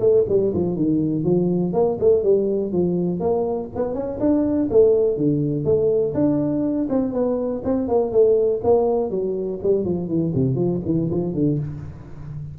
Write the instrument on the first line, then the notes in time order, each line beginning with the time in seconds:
tuba
0.00 A3
0.29 G3
0.54 F3
0.76 D#3
1.24 F3
1.73 A#3
2.00 A3
2.24 G3
2.73 F3
3.20 A#3
3.75 B3
3.94 C#4
4.20 D4
4.71 A3
5.17 D3
5.65 A3
6.15 D4
6.89 C4
7.13 B3
7.65 C4
7.88 A#3
8.12 A3
8.64 A#3
9.10 F#3
9.63 G3
9.85 F3
10.08 E3
10.35 C3
10.55 F3
10.85 E3
11.11 F3
11.34 D3